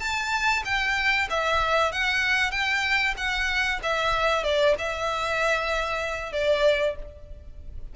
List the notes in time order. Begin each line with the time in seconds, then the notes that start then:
0.00 A5
0.65 G5
1.30 E5
1.93 F#5
2.51 G5
3.18 F#5
3.83 E5
4.44 D5
4.79 E5
6.33 D5